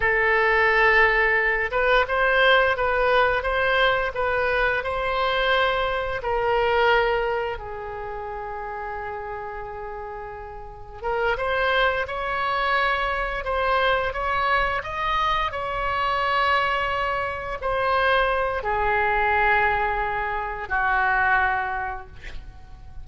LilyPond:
\new Staff \with { instrumentName = "oboe" } { \time 4/4 \tempo 4 = 87 a'2~ a'8 b'8 c''4 | b'4 c''4 b'4 c''4~ | c''4 ais'2 gis'4~ | gis'1 |
ais'8 c''4 cis''2 c''8~ | c''8 cis''4 dis''4 cis''4.~ | cis''4. c''4. gis'4~ | gis'2 fis'2 | }